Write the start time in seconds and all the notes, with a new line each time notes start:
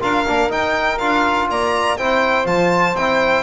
0.00 D4 F4 A#4 F5
0.27 A#3 D4
0.49 D#4 G5
0.98 D4 F4 F5
1.49 A#3 D5 A#5
1.97 C4 E4 C5 G5
2.44 F3 F4 A5
2.93 C4 E4 G5